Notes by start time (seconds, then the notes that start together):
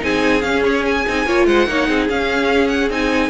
0.00 C4 D#4 G#4 G#5
0.42 C#4 F5
0.65 C#5
0.85 G#5
1.08 C4 D#4
1.26 A#3 F4 C#5
1.46 G#3 C5 F#5
1.67 A#3 D#4 C#5
1.88 C4 G#4
2.09 C#4 F5
2.69 F#5
2.90 C4 D#4 G#5